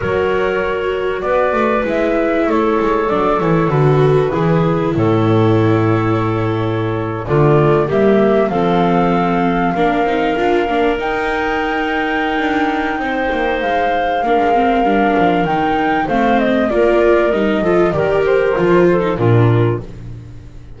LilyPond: <<
  \new Staff \with { instrumentName = "flute" } { \time 4/4 \tempo 4 = 97 cis''2 d''4 e''4 | cis''4 d''8 cis''8 b'2 | cis''2.~ cis''8. d''16~ | d''8. e''4 f''2~ f''16~ |
f''4.~ f''16 g''2~ g''16~ | g''2 f''2~ | f''4 g''4 f''8 dis''8 d''4 | dis''4 d''8 c''4. ais'4 | }
  \new Staff \with { instrumentName = "clarinet" } { \time 4/4 ais'2 b'2 | a'2. gis'4 | a'2.~ a'8. f'16~ | f'8. g'4 a'2 ais'16~ |
ais'1~ | ais'4 c''2 ais'4~ | ais'2 c''4 ais'4~ | ais'8 a'8 ais'4. a'8 f'4 | }
  \new Staff \with { instrumentName = "viola" } { \time 4/4 fis'2. e'4~ | e'4 d'8 e'8 fis'4 e'4~ | e'2.~ e'8. a16~ | a8. ais4 c'2 d'16~ |
d'16 dis'8 f'8 d'8 dis'2~ dis'16~ | dis'2. d'8 c'8 | d'4 dis'4 c'4 f'4 | dis'8 f'8 g'4 f'8. dis'16 d'4 | }
  \new Staff \with { instrumentName = "double bass" } { \time 4/4 fis2 b8 a8 gis4 | a8 gis8 fis8 e8 d4 e4 | a,2.~ a,8. d16~ | d8. g4 f2 ais16~ |
ais16 c'8 d'8 ais8 dis'2~ dis'16 | d'4 c'8 ais8 gis4 ais16 gis8. | g8 f8 dis4 a4 ais4 | g8 f8 dis4 f4 ais,4 | }
>>